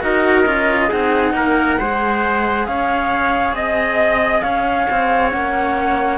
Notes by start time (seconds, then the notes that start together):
0.00 D#4 F#4 A#4 D#5
0.45 C#4 F4
0.88 C4 D#4 G#4 F#5
1.32 A#3 A#4
1.78 G#3 G#4 C5
2.66 C#4 C#5 F5
3.52 C4 D#5
4.41 C#4 C#5 F5
4.90 C4
5.30 A#3 C#4 F#5